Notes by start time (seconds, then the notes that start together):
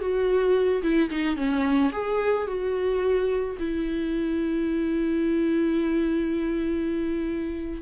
0.00 F#4
0.82 E4
1.10 D#4
1.36 C#4
1.92 G#4
2.47 F#4
3.59 E4